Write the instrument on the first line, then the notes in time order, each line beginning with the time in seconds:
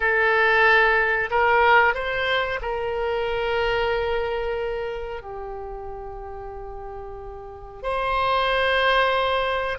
oboe
0.00 A4
1.30 A#4
1.94 C5
2.61 A#4
5.21 G4
7.82 C5